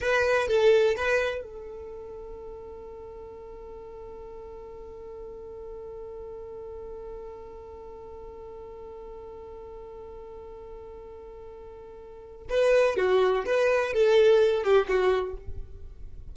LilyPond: \new Staff \with { instrumentName = "violin" } { \time 4/4 \tempo 4 = 125 b'4 a'4 b'4 a'4~ | a'1~ | a'1~ | a'1~ |
a'1~ | a'1~ | a'2 b'4 fis'4 | b'4 a'4. g'8 fis'4 | }